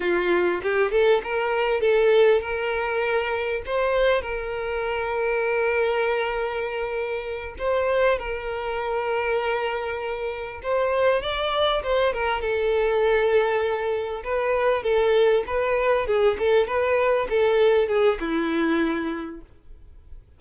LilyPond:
\new Staff \with { instrumentName = "violin" } { \time 4/4 \tempo 4 = 99 f'4 g'8 a'8 ais'4 a'4 | ais'2 c''4 ais'4~ | ais'1~ | ais'8 c''4 ais'2~ ais'8~ |
ais'4. c''4 d''4 c''8 | ais'8 a'2. b'8~ | b'8 a'4 b'4 gis'8 a'8 b'8~ | b'8 a'4 gis'8 e'2 | }